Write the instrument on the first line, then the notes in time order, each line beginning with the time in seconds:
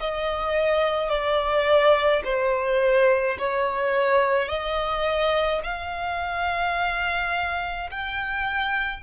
violin
0.00 D#5
1.09 D5
2.24 C5
3.39 C#5
4.48 D#5
5.64 F5
7.91 G5